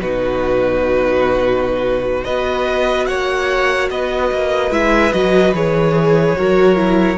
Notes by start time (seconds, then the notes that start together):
0.00 B2 D#4 F#4 B4
2.24 B3 F#4 B4 D#5
3.06 A#3 C#5 F#5
3.90 B3 B4 D#5
4.32 A#3
4.71 G#3 E4 E5
5.12 F#3 F#4 D#5
5.53 E3 G#4 C#5
6.36 F#3 F#4 A#4
6.75 E4